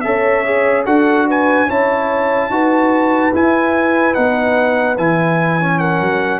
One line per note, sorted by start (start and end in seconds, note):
0.00 0.86 C#4
0.00 0.45 A4
0.00 0.85 C#5
0.00 0.82 E5
0.45 0.85 G#4
0.85 1.68 D4
0.85 1.67 F#4
0.85 1.26 A4
0.85 1.27 F#5
1.27 1.67 B4
1.27 1.70 G#5
1.67 2.49 C#4
1.67 2.50 E4
1.67 2.49 C#5
1.67 3.34 A5
2.49 3.31 D#4
2.49 3.33 F#4
2.49 5.79 B4
3.34 4.16 E4
3.34 4.14 E4
3.34 4.14 G#5
4.14 4.98 B3
4.14 4.96 D#4
4.14 4.96 F#5
4.97 6.00 E3
4.97 5.60 E4
4.97 5.79 G#5
5.60 6.40 C#4
5.79 6.40 A#4
5.79 6.40 F#5
6.00 6.40 F#3